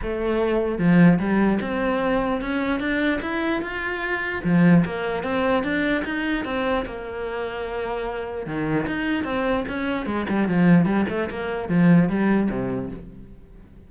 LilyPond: \new Staff \with { instrumentName = "cello" } { \time 4/4 \tempo 4 = 149 a2 f4 g4 | c'2 cis'4 d'4 | e'4 f'2 f4 | ais4 c'4 d'4 dis'4 |
c'4 ais2.~ | ais4 dis4 dis'4 c'4 | cis'4 gis8 g8 f4 g8 a8 | ais4 f4 g4 c4 | }